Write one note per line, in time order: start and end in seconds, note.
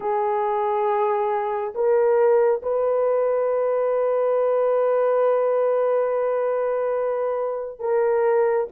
0.00 1.74 G#4
1.74 2.61 A#4
2.62 7.79 B4
7.79 8.66 A#4